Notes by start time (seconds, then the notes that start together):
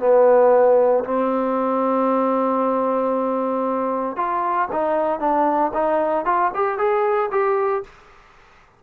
0.00 B3
1.05 C4
4.17 F4
4.72 D#4
5.20 D4
5.74 D#4
6.25 F4
6.55 G4
6.78 G#4
7.32 G4